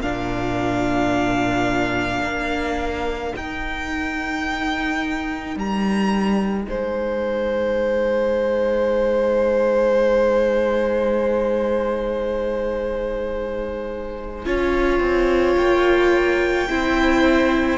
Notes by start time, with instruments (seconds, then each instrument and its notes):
0.00 cello A#2, viola D4, violin A#4 F5
2.22 cello A#3
3.35 viola D#4, cello D#4, violin G5
5.56 cello G3, violin A#5
6.68 cello G#3, violin C5 G#5
14.45 cello C#4, viola F4, violin C#5
15.00 cello C4
15.57 cello A#3, violin G5
16.69 cello C4, viola E4, violin C5